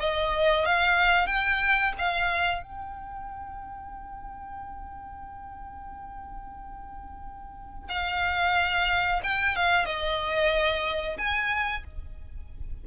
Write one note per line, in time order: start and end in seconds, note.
0.00 0.66 D#5
0.66 1.27 F5
1.27 1.93 G5
1.98 2.63 F5
2.63 7.89 G5
7.89 9.21 F5
9.23 9.56 G5
9.56 9.86 F5
9.86 11.18 D#5
11.18 11.84 G#5